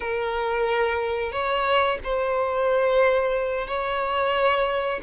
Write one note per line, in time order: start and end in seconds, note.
0.00 1.32 A#4
1.32 1.98 C#5
2.03 3.67 C5
3.67 5.00 C#5